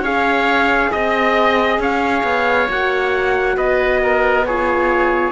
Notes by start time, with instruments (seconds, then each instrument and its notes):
0.00 cello C#4, horn G#4, oboe C#5, trumpet F5
0.92 cello C4, oboe D#5, trumpet D#5
1.79 cello C#4, oboe C#5, trumpet F5
2.24 cello B3
2.69 cello A#3, horn F#4, trumpet F#5
3.57 cello B3, oboe B4, trumpet D#5
4.03 oboe A#4
4.46 horn F4, oboe G#4, trumpet C#5